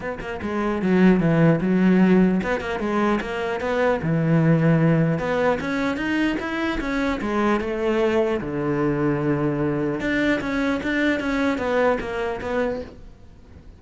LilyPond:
\new Staff \with { instrumentName = "cello" } { \time 4/4 \tempo 4 = 150 b8 ais8 gis4 fis4 e4 | fis2 b8 ais8 gis4 | ais4 b4 e2~ | e4 b4 cis'4 dis'4 |
e'4 cis'4 gis4 a4~ | a4 d2.~ | d4 d'4 cis'4 d'4 | cis'4 b4 ais4 b4 | }